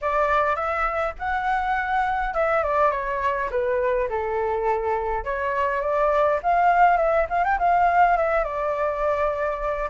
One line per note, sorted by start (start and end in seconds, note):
0.01 0.55 D5
0.55 1.13 E5
1.18 2.34 F#5
2.34 2.63 E5
2.63 2.91 D5
2.91 3.49 C#5
3.50 4.09 B4
4.09 5.24 A4
5.24 5.81 C#5
5.81 6.39 D5
6.42 6.97 F5
6.97 7.26 E5
7.29 7.44 F5
7.44 7.58 G5
7.58 8.17 F5
8.17 8.44 E5
8.44 9.89 D5